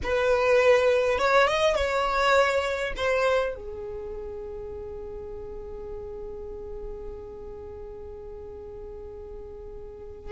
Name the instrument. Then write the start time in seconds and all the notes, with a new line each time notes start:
violin
0.03 B4
1.18 C#5
1.47 D#5
1.75 C#5
2.96 C5
3.55 G#4